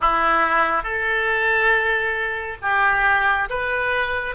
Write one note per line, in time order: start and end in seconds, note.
0.00 0.83 E4
0.83 2.57 A4
2.62 3.49 G4
3.49 4.35 B4